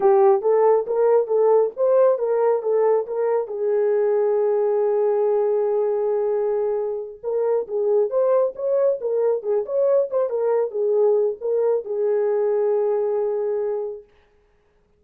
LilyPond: \new Staff \with { instrumentName = "horn" } { \time 4/4 \tempo 4 = 137 g'4 a'4 ais'4 a'4 | c''4 ais'4 a'4 ais'4 | gis'1~ | gis'1~ |
gis'8 ais'4 gis'4 c''4 cis''8~ | cis''8 ais'4 gis'8 cis''4 c''8 ais'8~ | ais'8 gis'4. ais'4 gis'4~ | gis'1 | }